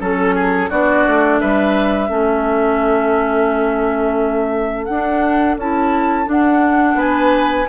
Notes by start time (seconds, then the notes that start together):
0.00 F#3 C#4 A4
0.35 G#4
0.70 B3 D4 F#4 D5
1.07 A3
1.41 G3 B4 E5
2.09 A3 C#4 A4
4.85 D4 F#5
5.57 C#4 E4 A5
6.25 D4 F#5
6.95 B3 B4 G#5